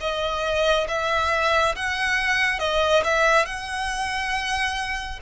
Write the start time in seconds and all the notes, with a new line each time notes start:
0.00 D#5
0.88 E5
1.75 F#5
2.59 D#5
3.04 E5
3.45 F#5